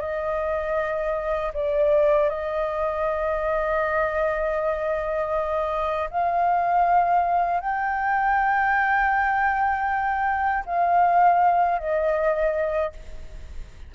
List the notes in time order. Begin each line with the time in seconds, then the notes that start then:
0.00 D#5
1.53 D5
2.29 D#5
6.10 F5
7.60 G5
10.65 F5
11.78 D#5